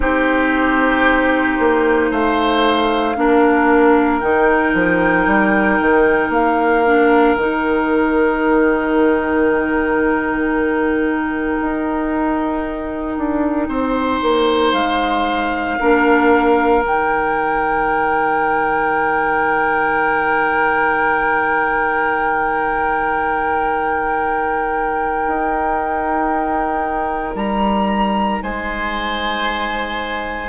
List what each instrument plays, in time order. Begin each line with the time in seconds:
0.00 bassoon C4, clarinet D#4, oboe G4, flute C5
1.59 bassoon A#3
2.10 bassoon A3, oboe C5, flute F5
3.16 bassoon A#3, clarinet D4, oboe A#4
4.20 bassoon D#3, clarinet D#4, flute G5
4.74 bassoon F3
5.26 bassoon G3
5.80 bassoon D#3
6.29 bassoon A#3, flute F5
6.85 clarinet D4
7.36 bassoon D#3, clarinet D#4, flute G5
11.61 bassoon D#4
13.17 bassoon D4
13.68 bassoon C4, oboe C5
14.21 bassoon A#3
14.72 bassoon G#3, flute F5
15.79 bassoon A#3, clarinet D4, oboe A#4
16.82 bassoon D#3, clarinet D#4, flute G5
25.27 bassoon D#4
27.34 bassoon G3, flute A#5
28.42 bassoon G#3, oboe C5, flute G#5